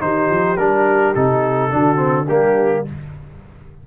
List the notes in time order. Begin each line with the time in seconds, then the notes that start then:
0.00 D#3 D#4 G4 C5
0.30 F3
0.57 G3 D4 A#4
1.15 C3 D#4 A4
1.71 D3 D4 F#4
1.96 C4
2.26 G3 A#3 D4 G4